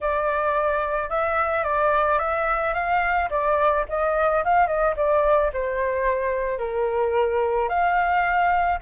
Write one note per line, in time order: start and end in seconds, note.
0.01 1.09 D5
1.09 1.63 E5
1.63 2.18 D5
2.19 2.74 E5
2.74 3.29 F5
3.30 3.85 D5
3.88 4.43 D#5
4.44 4.67 F5
4.67 4.94 D#5
4.96 5.51 D5
5.53 6.58 C5
6.58 7.68 A#4
7.68 8.78 F5